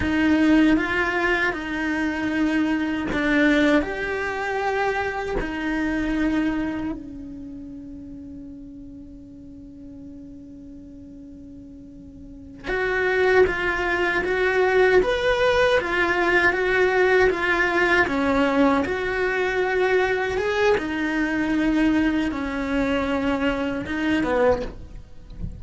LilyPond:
\new Staff \with { instrumentName = "cello" } { \time 4/4 \tempo 4 = 78 dis'4 f'4 dis'2 | d'4 g'2 dis'4~ | dis'4 cis'2.~ | cis'1~ |
cis'8 fis'4 f'4 fis'4 b'8~ | b'8 f'4 fis'4 f'4 cis'8~ | cis'8 fis'2 gis'8 dis'4~ | dis'4 cis'2 dis'8 b8 | }